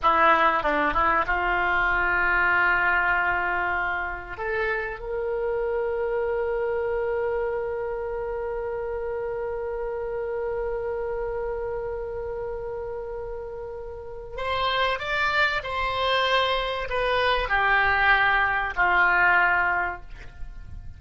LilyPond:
\new Staff \with { instrumentName = "oboe" } { \time 4/4 \tempo 4 = 96 e'4 d'8 e'8 f'2~ | f'2. a'4 | ais'1~ | ais'1~ |
ais'1~ | ais'2. c''4 | d''4 c''2 b'4 | g'2 f'2 | }